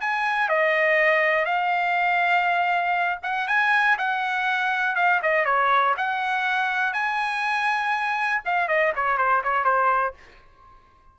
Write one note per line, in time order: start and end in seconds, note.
0.00 0.49 G#5
0.49 1.45 D#5
1.45 3.18 F5
3.22 3.47 F#5
3.47 3.97 G#5
3.98 4.95 F#5
4.95 5.20 F5
5.22 5.45 D#5
5.45 5.94 C#5
5.97 6.93 F#5
6.93 8.41 G#5
8.45 8.68 F5
8.68 8.92 D#5
8.95 9.17 C#5
9.17 9.42 C5
9.43 9.64 C#5
9.64 10.14 C5